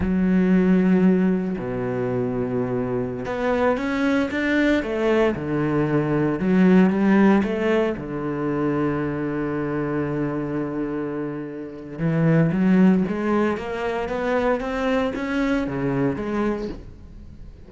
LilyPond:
\new Staff \with { instrumentName = "cello" } { \time 4/4 \tempo 4 = 115 fis2. b,4~ | b,2~ b,16 b4 cis'8.~ | cis'16 d'4 a4 d4.~ d16~ | d16 fis4 g4 a4 d8.~ |
d1~ | d2. e4 | fis4 gis4 ais4 b4 | c'4 cis'4 cis4 gis4 | }